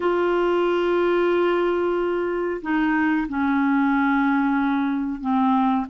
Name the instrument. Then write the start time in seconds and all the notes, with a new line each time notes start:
clarinet
0.00 F4
2.61 D#4
3.28 C#4
5.20 C4